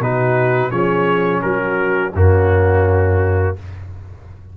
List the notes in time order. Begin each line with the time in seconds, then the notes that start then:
0.00 B2 D#4 F#4 B4
0.71 F3 C#4 G#4 C#5
1.42 F#3 F#4 A#4
2.14 F#2 A#3 C#4 F#4